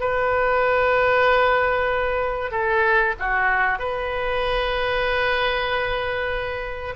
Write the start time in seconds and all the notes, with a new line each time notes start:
0.00 B4
2.51 A4
3.19 F#4
3.79 B4